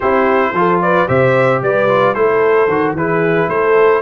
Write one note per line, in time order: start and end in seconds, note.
0.00 0.52 C4
0.00 0.54 E4
0.00 0.52 G4
0.00 0.80 C5
0.52 1.06 F3
0.52 1.07 F4
0.52 0.82 A4
0.81 1.08 B4
0.81 1.08 D5
1.07 1.61 C3
1.07 1.88 G4
1.07 1.61 C5
1.07 1.61 E5
1.61 2.15 G3
1.61 2.15 B4
1.61 2.14 D5
1.88 2.14 F4
2.14 2.68 A3
2.14 2.68 E4
2.14 2.96 A4
2.14 2.94 C5
2.68 2.93 D#3
2.68 2.97 F#4
2.93 3.47 E3
2.93 4.02 E4
2.93 3.48 G#4
2.93 3.49 B4
3.48 4.01 A3
3.48 4.02 A4
3.48 4.02 C5